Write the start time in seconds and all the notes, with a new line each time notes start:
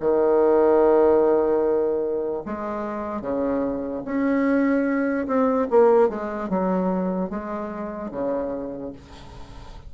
0.00 D#3
2.45 G#3
3.21 C#3
4.05 C#4
5.27 C4
5.70 A#3
6.09 G#3
6.49 F#3
7.30 G#3
8.11 C#3